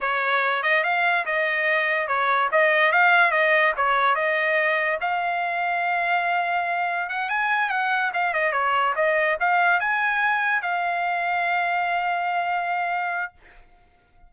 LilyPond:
\new Staff \with { instrumentName = "trumpet" } { \time 4/4 \tempo 4 = 144 cis''4. dis''8 f''4 dis''4~ | dis''4 cis''4 dis''4 f''4 | dis''4 cis''4 dis''2 | f''1~ |
f''4 fis''8 gis''4 fis''4 f''8 | dis''8 cis''4 dis''4 f''4 gis''8~ | gis''4. f''2~ f''8~ | f''1 | }